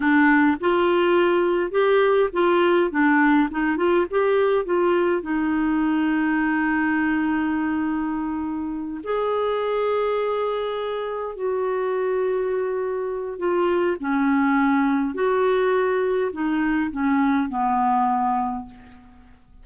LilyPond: \new Staff \with { instrumentName = "clarinet" } { \time 4/4 \tempo 4 = 103 d'4 f'2 g'4 | f'4 d'4 dis'8 f'8 g'4 | f'4 dis'2.~ | dis'2.~ dis'8 gis'8~ |
gis'2.~ gis'8 fis'8~ | fis'2. f'4 | cis'2 fis'2 | dis'4 cis'4 b2 | }